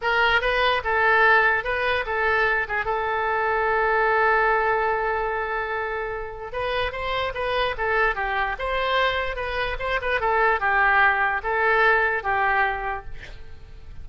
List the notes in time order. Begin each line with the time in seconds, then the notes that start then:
0.01 A#4
0.41 B4
0.84 A4
1.63 B4
2.06 A4
2.68 G#4
2.85 A4
6.52 B4
6.91 C5
7.34 B4
7.77 A4
8.15 G4
8.58 C5
9.36 B4
9.79 C5
10.01 B4
10.20 A4
10.60 G4
11.43 A4
12.23 G4